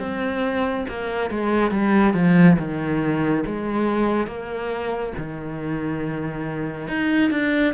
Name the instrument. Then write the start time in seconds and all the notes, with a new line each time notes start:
cello
0.00 C4
0.89 A#3
1.31 G#3
1.71 G3
2.14 F3
2.59 D#3
3.46 G#3
4.28 A#3
5.18 D#3
6.88 D#4
7.31 D4